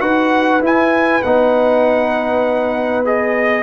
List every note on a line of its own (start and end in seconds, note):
0.00 0.62 D#4
0.00 0.61 F#4
0.00 3.64 B4
0.00 0.62 F#5
0.61 1.22 E4
0.61 1.23 E4
0.61 1.23 G#5
1.23 3.64 B3
1.23 3.05 D#4
1.23 3.05 F#5
3.05 3.64 G#4
3.05 3.64 D#5